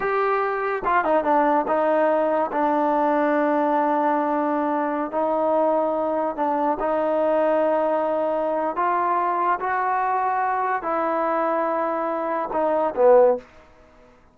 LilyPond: \new Staff \with { instrumentName = "trombone" } { \time 4/4 \tempo 4 = 144 g'2 f'8 dis'8 d'4 | dis'2 d'2~ | d'1~ | d'16 dis'2. d'8.~ |
d'16 dis'2.~ dis'8.~ | dis'4 f'2 fis'4~ | fis'2 e'2~ | e'2 dis'4 b4 | }